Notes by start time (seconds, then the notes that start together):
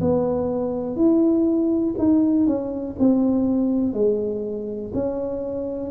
0.00 B3
0.96 E4
1.98 D#4
2.46 C#4
2.98 C4
3.93 G#3
4.94 C#4